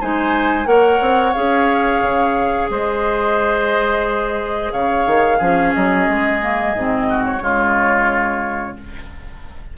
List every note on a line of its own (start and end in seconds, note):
0.00 0.65 G#3
0.00 0.65 D#4
0.00 0.67 C5
0.00 0.66 G#5
0.65 0.99 A#3
0.65 1.32 A#4
0.65 2.71 C#5
0.65 1.33 F#5
1.00 1.34 C4
1.33 2.02 C#4
1.33 5.39 G#4
1.33 2.68 F5
2.02 2.69 C#3
2.69 4.72 G#3
2.69 4.72 C5
2.69 4.72 D#5
4.72 5.06 C#3
4.72 5.38 C#5
4.72 5.73 F5
5.06 5.40 D#3
5.38 5.74 F3
5.38 6.41 C#4
5.38 7.06 G#4
5.73 6.08 F#3
5.73 7.24 D#5
6.08 6.74 G#3
6.41 6.74 A#3
6.74 7.40 G#2
6.74 7.39 C4
7.09 7.42 F#4
7.24 8.76 C#5
7.39 8.75 C#3
7.39 8.74 G#3
7.39 8.77 F4